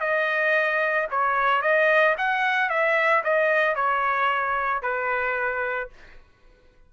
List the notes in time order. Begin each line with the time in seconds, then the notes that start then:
0.00 D#5
1.10 C#5
1.61 D#5
2.17 F#5
2.69 E5
3.23 D#5
3.75 C#5
4.82 B4